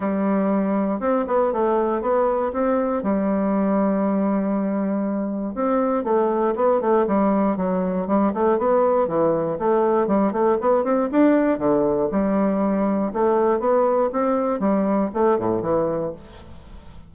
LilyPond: \new Staff \with { instrumentName = "bassoon" } { \time 4/4 \tempo 4 = 119 g2 c'8 b8 a4 | b4 c'4 g2~ | g2. c'4 | a4 b8 a8 g4 fis4 |
g8 a8 b4 e4 a4 | g8 a8 b8 c'8 d'4 d4 | g2 a4 b4 | c'4 g4 a8 a,8 e4 | }